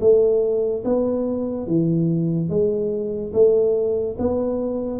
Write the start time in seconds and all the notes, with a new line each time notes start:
0.00 A3
0.84 B3
1.67 E3
2.49 G#3
3.33 A3
4.18 B3